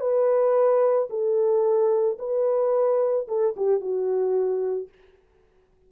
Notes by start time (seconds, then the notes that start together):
0.00 B4
1.10 A4
2.19 B4
3.28 A4
3.57 G4
3.80 F#4